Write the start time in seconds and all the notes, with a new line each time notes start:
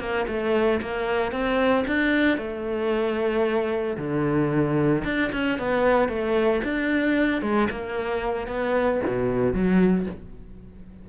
0.00 A#3
0.28 A3
0.82 A#3
1.32 C4
1.88 D4
2.38 A3
3.98 D3
5.05 D4
5.32 C#4
5.59 B3
6.09 A3
6.64 D4
7.42 G#3
7.71 A#3
8.48 B3
9.07 B2
9.54 F#3